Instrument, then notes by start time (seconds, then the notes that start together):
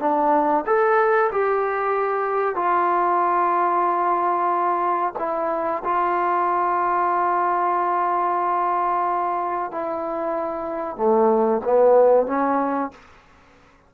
trombone
0.00 D4
0.66 A4
1.32 G4
2.55 F4
5.19 E4
5.84 F4
9.72 E4
10.97 A3
11.65 B3
12.27 C#4